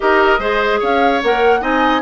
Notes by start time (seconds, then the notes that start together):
0.00 D#4 G4 A#4 D#5
0.39 G#3 G#4 C5
0.79 C#4 C#5 F5
1.23 A#3 A#4 F#5
1.60 C4 D#4 D#5 G#5